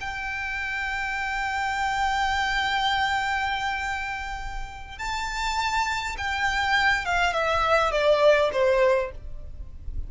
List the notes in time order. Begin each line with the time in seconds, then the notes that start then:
0.00 G5
4.98 A5
6.17 G5
7.05 F5
7.33 E5
7.91 D5
8.52 C5